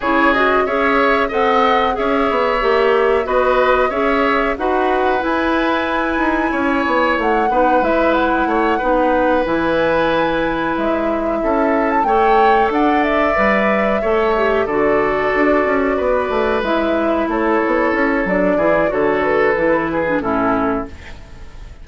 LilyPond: <<
  \new Staff \with { instrumentName = "flute" } { \time 4/4 \tempo 4 = 92 cis''8 dis''8 e''4 fis''4 e''4~ | e''4 dis''4 e''4 fis''4 | gis''2. fis''4 | e''8 fis''2 gis''4.~ |
gis''8 e''4.~ e''16 a''16 g''4 fis''8 | e''2~ e''8 d''4.~ | d''4. e''4 cis''4. | d''4 cis''8 b'4. a'4 | }
  \new Staff \with { instrumentName = "oboe" } { \time 4/4 gis'4 cis''4 dis''4 cis''4~ | cis''4 b'4 cis''4 b'4~ | b'2 cis''4. b'8~ | b'4 cis''8 b'2~ b'8~ |
b'4. a'4 cis''4 d''8~ | d''4. cis''4 a'4.~ | a'8 b'2 a'4.~ | a'8 gis'8 a'4. gis'8 e'4 | }
  \new Staff \with { instrumentName = "clarinet" } { \time 4/4 e'8 fis'8 gis'4 a'4 gis'4 | g'4 fis'4 gis'4 fis'4 | e'2.~ e'8 dis'8 | e'4. dis'4 e'4.~ |
e'2~ e'8 a'4.~ | a'8 b'4 a'8 g'8 fis'4.~ | fis'4. e'2~ e'8 | d'8 e'8 fis'4 e'8. d'16 cis'4 | }
  \new Staff \with { instrumentName = "bassoon" } { \time 4/4 cis4 cis'4 c'4 cis'8 b8 | ais4 b4 cis'4 dis'4 | e'4. dis'8 cis'8 b8 a8 b8 | gis4 a8 b4 e4.~ |
e8 gis4 cis'4 a4 d'8~ | d'8 g4 a4 d4 d'8 | cis'8 b8 a8 gis4 a8 b8 cis'8 | fis8 e8 d4 e4 a,4 | }
>>